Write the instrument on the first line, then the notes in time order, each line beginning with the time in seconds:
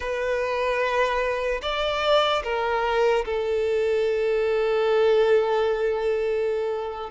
violin
0.00 B4
1.61 D5
2.43 A#4
3.25 A4